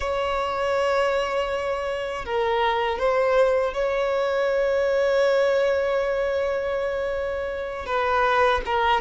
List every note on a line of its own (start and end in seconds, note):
0.00 2.25 C#5
2.25 2.99 A#4
2.99 3.73 C5
3.73 7.85 C#5
7.85 8.61 B4
8.65 9.00 A#4